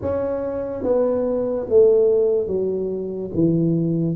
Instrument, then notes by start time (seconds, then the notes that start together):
tuba
0.01 C#4
0.83 B3
1.69 A3
2.47 F#3
3.33 E3